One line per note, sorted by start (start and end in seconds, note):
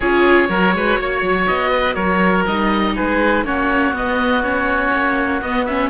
0.00 0.49 C#4
0.00 0.47 F4
0.00 0.48 G#4
0.00 1.46 C#5
0.47 0.73 F#3
0.47 2.44 F#4
0.47 0.74 A#4
0.74 0.98 G#3
0.74 0.99 B4
0.99 1.21 A#3
0.99 1.70 C#5
1.21 1.46 F#3
1.47 1.96 B3
1.47 1.95 D#5
1.70 1.95 B4
1.95 2.45 F#3
1.95 2.93 A#4
1.95 2.44 C#5
2.46 2.96 G3
2.46 3.45 D#4
2.46 2.95 D#5
2.96 3.44 G#3
2.96 3.45 G#4
2.96 3.45 B4
3.44 3.92 A#3
3.44 3.93 C#4
3.44 5.89 F#4
3.44 3.94 C#5
3.92 4.90 B3
3.92 4.42 B3
3.92 4.43 D#5
4.43 5.42 C#4
4.43 5.41 C#5
4.92 5.41 A#3
5.41 5.89 B3
5.41 5.67 B3
5.41 5.65 D#5
5.65 5.89 C#4
5.65 5.89 E5